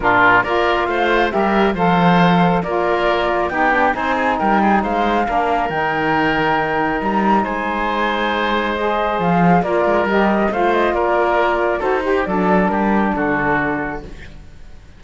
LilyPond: <<
  \new Staff \with { instrumentName = "flute" } { \time 4/4 \tempo 4 = 137 ais'4 d''4 f''4 e''4 | f''2 d''2 | g''4 gis''4 g''4 f''4~ | f''4 g''2. |
ais''4 gis''2. | dis''4 f''4 d''4 dis''4 | f''8 dis''8 d''2 c''4 | d''4 ais'4 a'2 | }
  \new Staff \with { instrumentName = "oboe" } { \time 4/4 f'4 ais'4 c''4 ais'4 | c''2 ais'2 | g'4 c''8 gis'8 ais'8 gis'8 c''4 | ais'1~ |
ais'4 c''2.~ | c''2 ais'2 | c''4 ais'2 a'8 g'8 | a'4 g'4 fis'2 | }
  \new Staff \with { instrumentName = "saxophone" } { \time 4/4 d'4 f'2 g'4 | a'2 f'2 | dis'8 d'8 dis'2. | d'4 dis'2.~ |
dis'1 | gis'2 f'4 g'4 | f'2. fis'8 g'8 | d'1 | }
  \new Staff \with { instrumentName = "cello" } { \time 4/4 ais,4 ais4 a4 g4 | f2 ais2 | b4 c'4 g4 gis4 | ais4 dis2. |
g4 gis2.~ | gis4 f4 ais8 gis8 g4 | a4 ais2 dis'4 | fis4 g4 d2 | }
>>